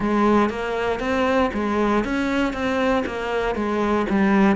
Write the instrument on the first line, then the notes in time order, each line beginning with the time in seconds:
cello
0.00 G#3
0.49 A#3
0.99 C4
1.53 G#3
2.04 C#4
2.53 C4
3.06 A#3
3.55 G#3
4.09 G3